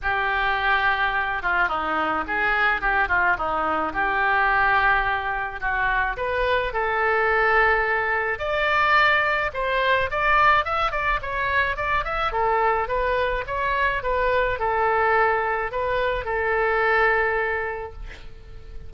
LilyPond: \new Staff \with { instrumentName = "oboe" } { \time 4/4 \tempo 4 = 107 g'2~ g'8 f'8 dis'4 | gis'4 g'8 f'8 dis'4 g'4~ | g'2 fis'4 b'4 | a'2. d''4~ |
d''4 c''4 d''4 e''8 d''8 | cis''4 d''8 e''8 a'4 b'4 | cis''4 b'4 a'2 | b'4 a'2. | }